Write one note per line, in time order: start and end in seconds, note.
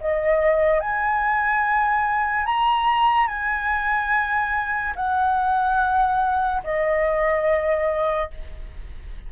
0.00 0.80 D#5
0.80 2.45 G#5
2.45 3.27 A#5
3.27 4.94 G#5
4.95 6.62 F#5
6.64 8.30 D#5